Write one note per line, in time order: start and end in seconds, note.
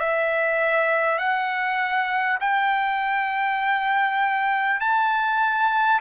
0.00 1.18 E5
1.18 2.38 F#5
2.41 4.81 G5
4.81 6.01 A5